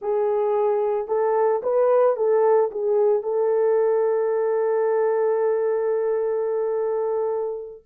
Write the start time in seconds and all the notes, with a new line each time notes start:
0.01 G#4
1.07 A4
1.62 B4
2.16 A4
2.71 G#4
3.22 A4